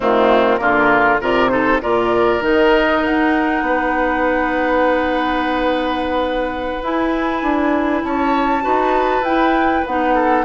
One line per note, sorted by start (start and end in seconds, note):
0.00 0.60 D#3
0.00 0.57 A3
0.00 0.60 C4
0.00 0.57 F4
0.57 1.20 D3
0.57 1.18 A#3
0.57 1.20 F4
0.57 1.17 A#4
1.20 1.81 C3
1.20 1.49 F4
1.20 1.51 A#4
1.20 1.49 D5
1.49 1.79 D#4
1.49 1.81 A4
1.49 1.79 C5
1.81 2.41 A#2
1.81 2.40 F4
1.81 3.63 A#4
1.81 2.43 D5
2.40 3.01 D#3
2.40 6.79 D#4
2.40 3.05 D#5
3.04 3.61 D#4
3.04 6.84 F#5
3.61 6.80 B3
3.61 8.04 B4
6.82 8.61 E4
6.82 7.42 E4
6.82 8.04 G#5
7.42 8.03 D4
8.03 8.64 C#4
8.03 8.63 C#5
8.03 9.24 A5
8.61 9.21 D#4
8.61 9.22 F#4
8.61 10.14 B4
9.21 9.81 E4
9.21 9.86 E4
9.21 9.85 G5
9.86 10.44 B3
9.86 10.44 D#4
9.86 10.44 F#5
10.14 10.44 A4